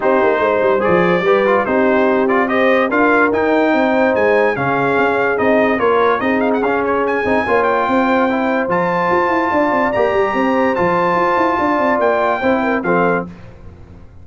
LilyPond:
<<
  \new Staff \with { instrumentName = "trumpet" } { \time 4/4 \tempo 4 = 145 c''2 d''2 | c''4. d''8 dis''4 f''4 | g''2 gis''4 f''4~ | f''4 dis''4 cis''4 dis''8 f''16 fis''16 |
f''8 cis''8 gis''4. g''4.~ | g''4 a''2. | ais''2 a''2~ | a''4 g''2 f''4 | }
  \new Staff \with { instrumentName = "horn" } { \time 4/4 g'4 c''2 b'4 | g'2 c''4 ais'4~ | ais'4 c''2 gis'4~ | gis'2 ais'4 gis'4~ |
gis'2 cis''4 c''4~ | c''2. d''4~ | d''4 c''2. | d''2 c''8 ais'8 a'4 | }
  \new Staff \with { instrumentName = "trombone" } { \time 4/4 dis'2 gis'4 g'8 f'8 | dis'4. f'8 g'4 f'4 | dis'2. cis'4~ | cis'4 dis'4 f'4 dis'4 |
cis'4. dis'8 f'2 | e'4 f'2. | g'2 f'2~ | f'2 e'4 c'4 | }
  \new Staff \with { instrumentName = "tuba" } { \time 4/4 c'8 ais8 gis8 g8 f4 g4 | c'2. d'4 | dis'4 c'4 gis4 cis4 | cis'4 c'4 ais4 c'4 |
cis'4. c'8 ais4 c'4~ | c'4 f4 f'8 e'8 d'8 c'8 | ais8 g8 c'4 f4 f'8 e'8 | d'8 c'8 ais4 c'4 f4 | }
>>